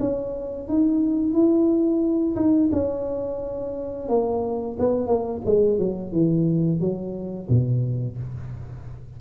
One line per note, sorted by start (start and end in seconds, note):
0.00 0.68 C#4
0.68 1.33 D#4
1.33 2.36 E4
2.36 2.70 D#4
2.72 4.09 C#4
4.09 4.77 A#3
4.79 5.07 B3
5.07 5.41 A#3
5.45 5.79 G#3
5.79 6.12 F#3
6.12 6.80 E3
6.80 7.48 F#3
7.49 8.17 B2